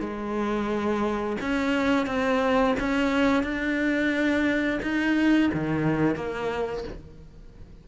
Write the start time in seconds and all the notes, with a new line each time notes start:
0.00 G#3
1.41 C#4
2.06 C4
2.80 C#4
3.43 D4
4.82 D#4
5.53 D#3
6.15 A#3